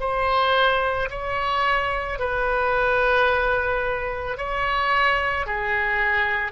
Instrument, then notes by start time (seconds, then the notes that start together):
oboe
0.00 C5
1.11 C#5
2.19 B4
4.38 C#5
5.46 G#4